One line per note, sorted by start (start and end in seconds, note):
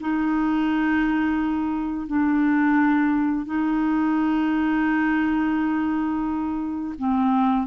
0.00 2.07 D#4
2.07 3.46 D4
3.46 6.95 D#4
6.98 7.67 C4